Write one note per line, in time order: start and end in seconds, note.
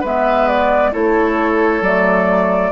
0.00 0.93 G#3
0.00 0.92 B3
0.00 0.90 B4
0.00 0.48 E5
0.48 0.92 D5
0.92 1.81 A3
0.92 1.81 E4
0.92 2.71 A4
0.92 1.83 C#5
1.81 2.71 F#3
1.81 2.71 A3
1.81 2.71 D5